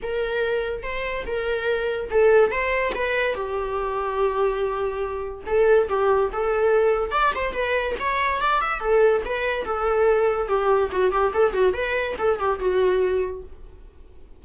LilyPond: \new Staff \with { instrumentName = "viola" } { \time 4/4 \tempo 4 = 143 ais'2 c''4 ais'4~ | ais'4 a'4 c''4 b'4 | g'1~ | g'4 a'4 g'4 a'4~ |
a'4 d''8 c''8 b'4 cis''4 | d''8 e''8 a'4 b'4 a'4~ | a'4 g'4 fis'8 g'8 a'8 fis'8 | b'4 a'8 g'8 fis'2 | }